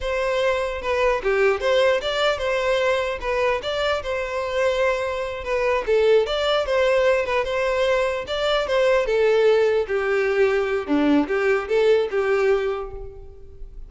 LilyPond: \new Staff \with { instrumentName = "violin" } { \time 4/4 \tempo 4 = 149 c''2 b'4 g'4 | c''4 d''4 c''2 | b'4 d''4 c''2~ | c''4. b'4 a'4 d''8~ |
d''8 c''4. b'8 c''4.~ | c''8 d''4 c''4 a'4.~ | a'8 g'2~ g'8 d'4 | g'4 a'4 g'2 | }